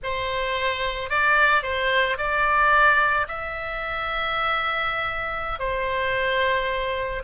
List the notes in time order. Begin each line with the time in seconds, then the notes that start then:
0.03 C5
1.09 D5
1.62 C5
2.17 D5
3.28 E5
5.59 C5